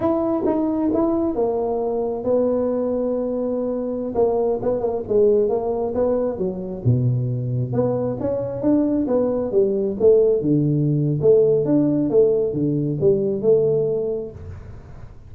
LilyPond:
\new Staff \with { instrumentName = "tuba" } { \time 4/4 \tempo 4 = 134 e'4 dis'4 e'4 ais4~ | ais4 b2.~ | b4~ b16 ais4 b8 ais8 gis8.~ | gis16 ais4 b4 fis4 b,8.~ |
b,4~ b,16 b4 cis'4 d'8.~ | d'16 b4 g4 a4 d8.~ | d4 a4 d'4 a4 | d4 g4 a2 | }